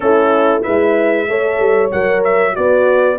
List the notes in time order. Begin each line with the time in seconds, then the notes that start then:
0.00 A3 C#4 E4 A4
0.62 G#3 E4 B4 E5
1.28 A3 A4 C#5
1.59 G3
1.91 F#3 A#4 F#5
2.24 E5
2.52 B3 F#4 B4 D5